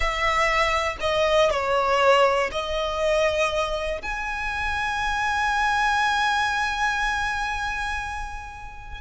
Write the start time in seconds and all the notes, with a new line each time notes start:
0.00 E5
1.00 D#5
1.50 C#5
2.51 D#5
4.02 G#5